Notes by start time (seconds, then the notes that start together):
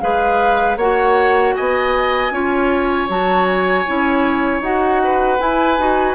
0.00 G#3 G#4 B4 F5
0.76 A#3 F#4 C#5 F#5
1.54 B3 D#5 G#5
2.30 C#4 F4 C#5
3.08 F#3 F#4 A5
3.45 G#5
3.86 C#4 E4
4.60 D#4 F#4 F#5
5.04 B4
5.38 E4 G#5
5.78 D#4 F#4